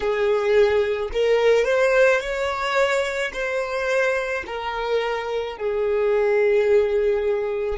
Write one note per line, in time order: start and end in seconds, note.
0.00 1.09 G#4
1.12 1.65 A#4
1.65 2.20 C5
2.20 3.31 C#5
3.33 4.44 C5
4.46 5.57 A#4
5.57 7.78 G#4